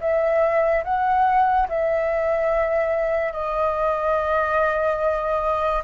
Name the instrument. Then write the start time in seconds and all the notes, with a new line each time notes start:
flute
0.00 E5
0.84 F#5
1.68 E5
3.32 D#5